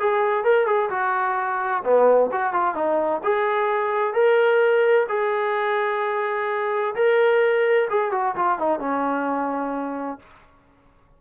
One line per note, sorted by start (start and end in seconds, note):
0.00 0.44 G#4
0.44 0.67 A#4
0.67 0.90 G#4
0.90 1.84 F#4
1.84 2.31 B3
2.32 2.54 F#4
2.54 2.75 F4
2.75 3.22 D#4
3.24 4.14 G#4
4.14 5.07 A#4
5.09 6.95 G#4
6.96 7.89 A#4
7.90 8.12 G#4
8.12 8.35 F#4
8.36 8.59 F4
8.59 8.80 D#4
8.80 10.19 C#4